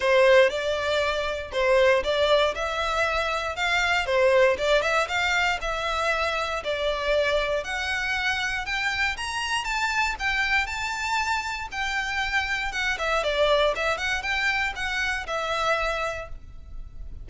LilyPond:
\new Staff \with { instrumentName = "violin" } { \time 4/4 \tempo 4 = 118 c''4 d''2 c''4 | d''4 e''2 f''4 | c''4 d''8 e''8 f''4 e''4~ | e''4 d''2 fis''4~ |
fis''4 g''4 ais''4 a''4 | g''4 a''2 g''4~ | g''4 fis''8 e''8 d''4 e''8 fis''8 | g''4 fis''4 e''2 | }